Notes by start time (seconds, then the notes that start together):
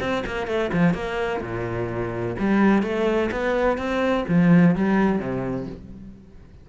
0.00 C4
0.26 A#3
0.47 A3
0.73 F3
0.94 A#3
1.41 A#2
2.39 G3
2.82 A3
3.31 B3
3.78 C4
4.28 F3
4.75 G3
5.19 C3